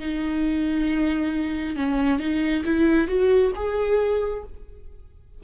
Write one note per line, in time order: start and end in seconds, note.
0.00 1.76 D#4
1.76 2.19 C#4
2.19 2.64 D#4
2.65 3.08 E4
3.08 3.52 F#4
3.55 4.44 G#4